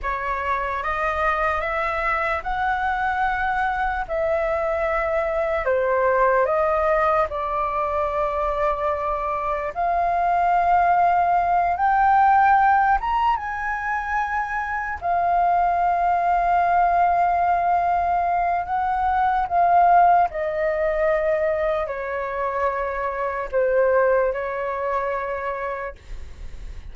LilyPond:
\new Staff \with { instrumentName = "flute" } { \time 4/4 \tempo 4 = 74 cis''4 dis''4 e''4 fis''4~ | fis''4 e''2 c''4 | dis''4 d''2. | f''2~ f''8 g''4. |
ais''8 gis''2 f''4.~ | f''2. fis''4 | f''4 dis''2 cis''4~ | cis''4 c''4 cis''2 | }